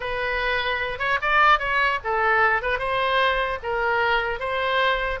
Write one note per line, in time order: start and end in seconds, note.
0.00 0.99 B4
0.99 1.19 C#5
1.21 1.59 D5
1.59 1.99 C#5
2.03 2.61 A4
2.61 2.78 B4
2.78 3.58 C5
3.63 4.39 A#4
4.39 5.19 C5